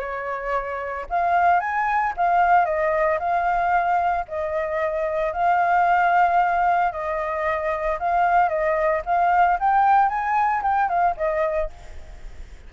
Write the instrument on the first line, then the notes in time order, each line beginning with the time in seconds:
flute
0.00 C#5
1.10 F5
1.60 G#5
2.17 F5
2.65 D#5
3.20 F5
4.28 D#5
5.33 F5
6.92 D#5
7.99 F5
8.49 D#5
9.06 F5
9.60 G5
10.09 G#5
10.62 G5
10.89 F5
11.17 D#5